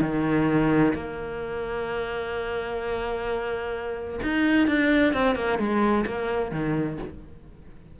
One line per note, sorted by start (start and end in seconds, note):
0.00 0.93 D#3
0.94 4.19 A#3
4.22 4.67 D#4
4.67 5.13 D4
5.13 5.35 C4
5.35 5.58 A#3
5.58 6.05 G#3
6.06 6.51 A#3
6.51 6.98 D#3